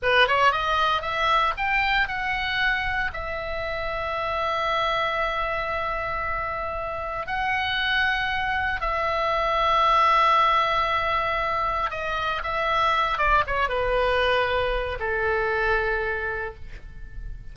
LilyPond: \new Staff \with { instrumentName = "oboe" } { \time 4/4 \tempo 4 = 116 b'8 cis''8 dis''4 e''4 g''4 | fis''2 e''2~ | e''1~ | e''2 fis''2~ |
fis''4 e''2.~ | e''2. dis''4 | e''4. d''8 cis''8 b'4.~ | b'4 a'2. | }